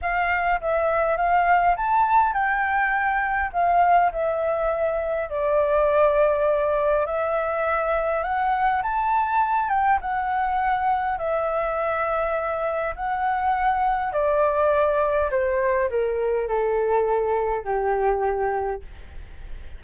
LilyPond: \new Staff \with { instrumentName = "flute" } { \time 4/4 \tempo 4 = 102 f''4 e''4 f''4 a''4 | g''2 f''4 e''4~ | e''4 d''2. | e''2 fis''4 a''4~ |
a''8 g''8 fis''2 e''4~ | e''2 fis''2 | d''2 c''4 ais'4 | a'2 g'2 | }